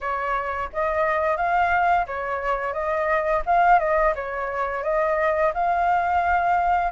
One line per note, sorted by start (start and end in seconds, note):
0.00 0.69 C#5
0.72 1.36 D#5
1.36 2.05 F5
2.06 2.73 C#5
2.73 3.42 D#5
3.46 3.79 F5
3.79 4.13 D#5
4.15 4.83 C#5
4.83 5.52 D#5
5.53 6.91 F5